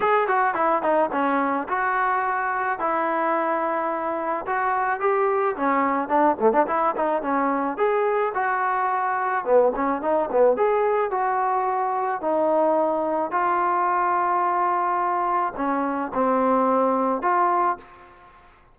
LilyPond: \new Staff \with { instrumentName = "trombone" } { \time 4/4 \tempo 4 = 108 gis'8 fis'8 e'8 dis'8 cis'4 fis'4~ | fis'4 e'2. | fis'4 g'4 cis'4 d'8 a16 d'16 | e'8 dis'8 cis'4 gis'4 fis'4~ |
fis'4 b8 cis'8 dis'8 b8 gis'4 | fis'2 dis'2 | f'1 | cis'4 c'2 f'4 | }